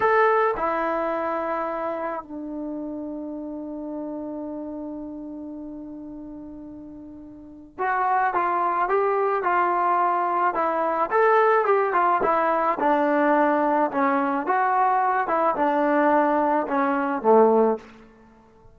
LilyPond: \new Staff \with { instrumentName = "trombone" } { \time 4/4 \tempo 4 = 108 a'4 e'2. | d'1~ | d'1~ | d'2 fis'4 f'4 |
g'4 f'2 e'4 | a'4 g'8 f'8 e'4 d'4~ | d'4 cis'4 fis'4. e'8 | d'2 cis'4 a4 | }